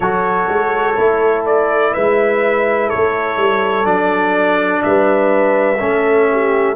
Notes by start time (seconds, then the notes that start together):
0.00 F#3 F#4 A4 C#5
0.48 G#3
0.95 A3 E4
1.45 D5
1.93 G#3 B4 E5
2.87 A4 C#5
2.95 A3
3.37 G3
3.84 F#3 D4 D5
4.83 G3 B4 E5
5.79 A3 C#4 A4
6.31 G4